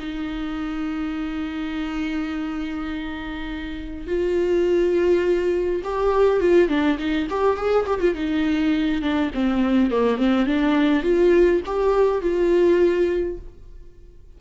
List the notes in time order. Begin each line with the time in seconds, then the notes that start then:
0.00 D#4
4.07 F4
5.84 G4
6.41 F4
6.69 D4
6.98 D#4
7.30 G4
7.57 G#4
7.87 G4
8.01 F4
8.15 D#4
9.02 D4
9.35 C4
9.91 A#3
10.18 C4
10.47 D4
11.04 F4
11.66 G4
12.22 F4